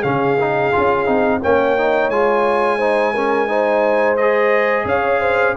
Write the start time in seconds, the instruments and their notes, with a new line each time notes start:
0.00 tuba C#3, trombone C#4, horn G#4, trumpet F5
0.39 trombone D#4
0.72 tuba C#4, trombone F4
1.06 tuba C4, trombone D#4
1.42 tuba A#3, trombone C#4, horn C#5, trumpet G5
1.78 trombone D#4
2.09 tuba G#3, trombone F4, trumpet G#5
2.78 trombone D#4, horn C5
3.14 trombone C#4, horn A#4
3.48 trombone D#4, horn C5
4.17 trombone G#4, trumpet D#5
4.85 tuba C#4, horn C#5, trumpet F5
5.20 horn C5